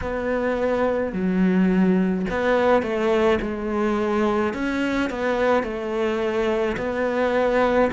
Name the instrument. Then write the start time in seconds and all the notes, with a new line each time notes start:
cello
0.01 B3
1.12 F#3
2.30 B3
2.82 A3
3.41 G#3
4.53 C#4
5.09 B3
5.63 A3
6.77 B3